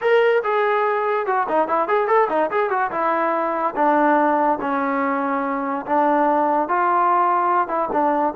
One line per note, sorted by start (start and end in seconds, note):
0.01 0.42 A#4
0.43 1.26 G#4
1.26 1.47 F#4
1.48 1.68 D#4
1.68 1.87 E4
1.87 2.07 G#4
2.07 2.28 A4
2.29 2.50 D#4
2.50 2.70 G#4
2.70 2.90 F#4
2.91 3.74 E4
3.75 4.59 D4
4.60 5.85 C#4
5.85 6.68 D4
6.68 7.68 F4
7.68 7.88 E4
7.92 8.34 D4